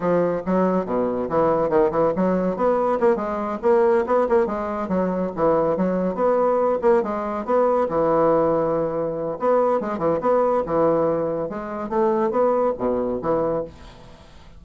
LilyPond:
\new Staff \with { instrumentName = "bassoon" } { \time 4/4 \tempo 4 = 141 f4 fis4 b,4 e4 | dis8 e8 fis4 b4 ais8 gis8~ | gis8 ais4 b8 ais8 gis4 fis8~ | fis8 e4 fis4 b4. |
ais8 gis4 b4 e4.~ | e2 b4 gis8 e8 | b4 e2 gis4 | a4 b4 b,4 e4 | }